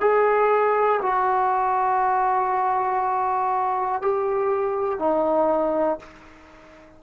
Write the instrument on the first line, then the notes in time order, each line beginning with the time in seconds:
trombone
0.00 G#4
1.02 F#4
4.01 G4
4.99 D#4